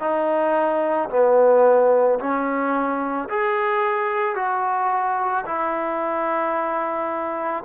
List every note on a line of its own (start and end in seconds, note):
0.00 1.09 D#4
1.10 2.19 B3
2.19 3.28 C#4
3.29 4.35 G#4
4.35 5.44 F#4
5.45 7.64 E4